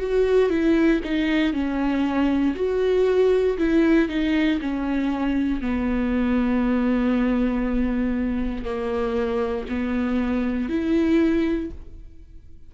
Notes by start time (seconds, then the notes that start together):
0.00 F#4
0.50 E4
1.04 D#4
1.53 C#4
2.56 F#4
3.58 E4
4.09 D#4
4.61 C#4
5.61 B3
8.65 A#3
9.69 B3
10.69 E4